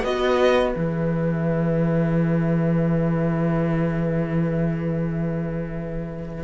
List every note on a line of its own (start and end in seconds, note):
0.00 0.75 B3
0.00 0.74 F#4
0.00 6.43 B4
0.00 0.75 D#5
0.74 6.43 E3
0.74 6.43 G#4
0.74 6.43 E5